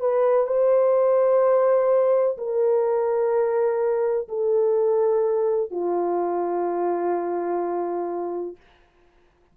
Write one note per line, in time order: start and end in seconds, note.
0.00 0.47 B4
0.47 2.37 C5
2.37 4.28 A#4
4.28 5.71 A4
5.71 8.56 F4